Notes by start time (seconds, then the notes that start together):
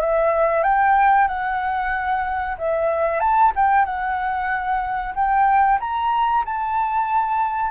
0.00 E5
0.63 G5
1.27 F#5
2.57 E5
3.19 A5
3.55 G5
3.85 F#5
5.14 G5
5.79 A#5
6.45 A5